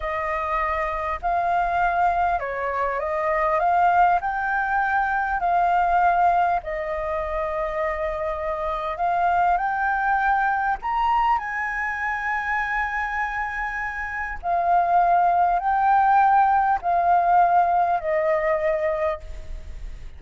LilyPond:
\new Staff \with { instrumentName = "flute" } { \time 4/4 \tempo 4 = 100 dis''2 f''2 | cis''4 dis''4 f''4 g''4~ | g''4 f''2 dis''4~ | dis''2. f''4 |
g''2 ais''4 gis''4~ | gis''1 | f''2 g''2 | f''2 dis''2 | }